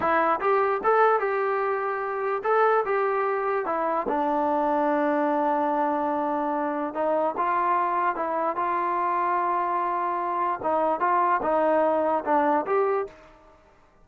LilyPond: \new Staff \with { instrumentName = "trombone" } { \time 4/4 \tempo 4 = 147 e'4 g'4 a'4 g'4~ | g'2 a'4 g'4~ | g'4 e'4 d'2~ | d'1~ |
d'4 dis'4 f'2 | e'4 f'2.~ | f'2 dis'4 f'4 | dis'2 d'4 g'4 | }